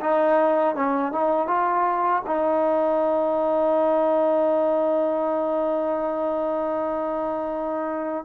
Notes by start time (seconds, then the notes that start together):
0.00 D#4
0.75 C#4
1.12 D#4
1.47 F4
2.26 D#4